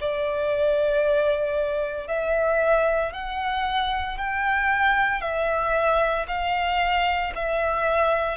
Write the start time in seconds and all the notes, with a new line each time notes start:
0.00 D5
2.08 E5
3.13 F#5
4.18 G5
5.21 E5
6.28 F5
7.35 E5